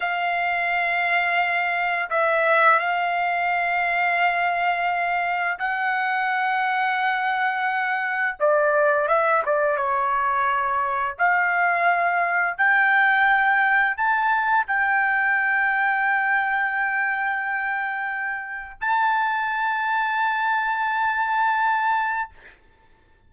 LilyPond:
\new Staff \with { instrumentName = "trumpet" } { \time 4/4 \tempo 4 = 86 f''2. e''4 | f''1 | fis''1 | d''4 e''8 d''8 cis''2 |
f''2 g''2 | a''4 g''2.~ | g''2. a''4~ | a''1 | }